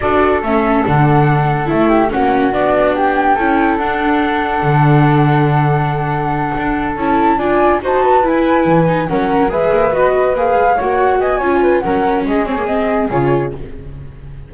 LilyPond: <<
  \new Staff \with { instrumentName = "flute" } { \time 4/4 \tempo 4 = 142 d''4 e''4 fis''2 | e''4 fis''4 d''4 g''4~ | g''4 fis''2.~ | fis''1~ |
fis''8 a''4 gis''4 a''4 gis''8~ | gis''4. fis''4 e''4 dis''8~ | dis''8 f''4 fis''4 gis''4. | fis''4 dis''8 cis''8 dis''4 cis''4 | }
  \new Staff \with { instrumentName = "flute" } { \time 4/4 a'1~ | a'8 g'8 fis'2 g'4 | a'1~ | a'1~ |
a'4. d''4 c''8 b'4~ | b'4. ais'4 b'4.~ | b'4. cis''4 dis''8 cis''8 b'8 | ais'4 gis'2. | }
  \new Staff \with { instrumentName = "viola" } { \time 4/4 fis'4 cis'4 d'2 | e'4 cis'4 d'2 | e'4 d'2.~ | d'1~ |
d'8 e'4 f'4 fis'4 e'8~ | e'4 dis'8 cis'4 gis'4 fis'8~ | fis'8 gis'4 fis'4. f'4 | cis'4. c'16 ais16 c'4 f'4 | }
  \new Staff \with { instrumentName = "double bass" } { \time 4/4 d'4 a4 d2 | a4 ais4 b2 | cis'4 d'2 d4~ | d2.~ d8 d'8~ |
d'8 cis'4 d'4 dis'4 e'8~ | e'8 e4 fis4 gis8 ais8 b8~ | b8 ais8 gis8 ais4 b8 cis'4 | fis4 gis2 cis4 | }
>>